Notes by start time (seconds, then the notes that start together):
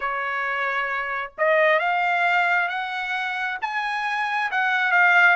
0.00 C#5
1.38 D#5
1.79 F5
2.68 F#5
3.61 G#5
4.51 F#5
4.91 F5